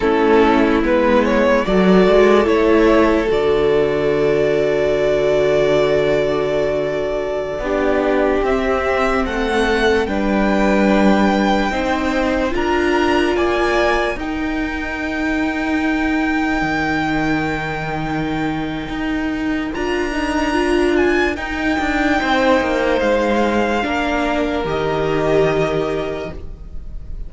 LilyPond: <<
  \new Staff \with { instrumentName = "violin" } { \time 4/4 \tempo 4 = 73 a'4 b'8 cis''8 d''4 cis''4 | d''1~ | d''2~ d''16 e''4 fis''8.~ | fis''16 g''2. ais''8.~ |
ais''16 gis''4 g''2~ g''8.~ | g''1 | ais''4. gis''8 g''2 | f''2 dis''2 | }
  \new Staff \with { instrumentName = "violin" } { \time 4/4 e'2 a'2~ | a'1~ | a'4~ a'16 g'2 a'8.~ | a'16 b'2 c''4 ais'8.~ |
ais'16 d''4 ais'2~ ais'8.~ | ais'1~ | ais'2. c''4~ | c''4 ais'2. | }
  \new Staff \with { instrumentName = "viola" } { \time 4/4 cis'4 b4 fis'4 e'4 | fis'1~ | fis'4~ fis'16 d'4 c'4.~ c'16~ | c'16 d'2 dis'4 f'8.~ |
f'4~ f'16 dis'2~ dis'8.~ | dis'1 | f'8 dis'8 f'4 dis'2~ | dis'4 d'4 g'2 | }
  \new Staff \with { instrumentName = "cello" } { \time 4/4 a4 gis4 fis8 gis8 a4 | d1~ | d4~ d16 b4 c'4 a8.~ | a16 g2 c'4 d'8.~ |
d'16 ais4 dis'2~ dis'8.~ | dis'16 dis2~ dis8. dis'4 | d'2 dis'8 d'8 c'8 ais8 | gis4 ais4 dis2 | }
>>